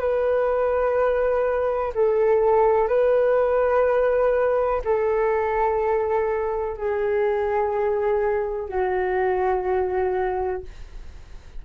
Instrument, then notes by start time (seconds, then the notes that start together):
flute
0.00 B4
1.94 A4
2.88 B4
4.85 A4
6.77 G#4
8.69 F#4